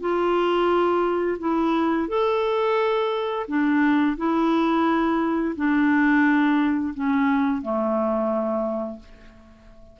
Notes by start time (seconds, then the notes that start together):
0.00 F4
1.39 E4
2.08 A4
3.48 D4
4.17 E4
5.56 D4
6.94 C#4
7.62 A3